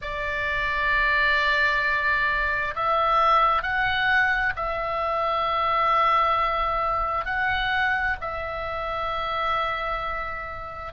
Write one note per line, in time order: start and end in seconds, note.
0.01 2.74 D5
2.75 3.62 E5
3.62 4.53 F#5
4.55 7.25 E5
7.25 8.16 F#5
8.20 10.92 E5